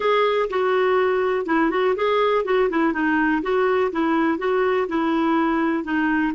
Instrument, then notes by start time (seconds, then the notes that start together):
clarinet
0.00 G#4
0.49 F#4
1.45 E4
1.70 F#4
1.96 G#4
2.45 F#4
2.70 E4
2.93 D#4
3.42 F#4
3.92 E4
4.38 F#4
4.88 E4
5.84 D#4